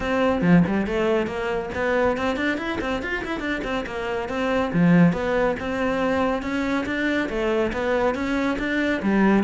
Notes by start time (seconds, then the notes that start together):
0.00 C4
0.41 F3
0.66 G3
0.86 A3
1.26 A#3
1.74 B3
2.17 C4
2.36 D4
2.57 E4
2.81 C4
3.02 F4
3.24 E4
3.40 D4
3.64 C4
3.86 A#3
4.28 C4
4.73 F3
5.12 B3
5.59 C4
6.42 C#4
6.86 D4
7.29 A3
7.72 B3
8.14 C#4
8.59 D4
9.02 G3